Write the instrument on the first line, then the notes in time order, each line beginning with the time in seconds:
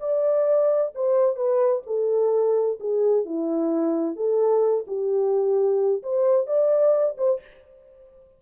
horn
0.00 D5
0.95 C5
1.36 B4
1.87 A4
2.80 G#4
3.25 E4
4.16 A4
4.87 G4
6.03 C5
6.47 D5
7.18 C5